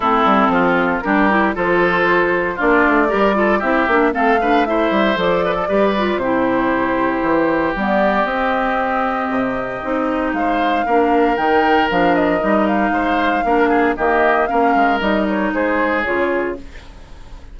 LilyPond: <<
  \new Staff \with { instrumentName = "flute" } { \time 4/4 \tempo 4 = 116 a'2 ais'4 c''4~ | c''4 d''2 e''4 | f''4 e''4 d''2 | c''2. d''4 |
dis''1 | f''2 g''4 f''8 dis''8~ | dis''8 f''2~ f''8 dis''4 | f''4 dis''8 cis''8 c''4 cis''4 | }
  \new Staff \with { instrumentName = "oboe" } { \time 4/4 e'4 f'4 g'4 a'4~ | a'4 f'4 ais'8 a'8 g'4 | a'8 b'8 c''4. b'16 a'16 b'4 | g'1~ |
g'1 | c''4 ais'2.~ | ais'4 c''4 ais'8 gis'8 g'4 | ais'2 gis'2 | }
  \new Staff \with { instrumentName = "clarinet" } { \time 4/4 c'2 d'8 e'8 f'4~ | f'4 d'4 g'8 f'8 e'8 d'8 | c'8 d'8 e'4 a'4 g'8 f'8 | e'2. b4 |
c'2. dis'4~ | dis'4 d'4 dis'4 d'4 | dis'2 d'4 ais4 | cis'4 dis'2 f'4 | }
  \new Staff \with { instrumentName = "bassoon" } { \time 4/4 a8 g8 f4 g4 f4~ | f4 ais8 a8 g4 c'8 ais8 | a4. g8 f4 g4 | c2 e4 g4 |
c'2 c4 c'4 | gis4 ais4 dis4 f4 | g4 gis4 ais4 dis4 | ais8 gis8 g4 gis4 cis4 | }
>>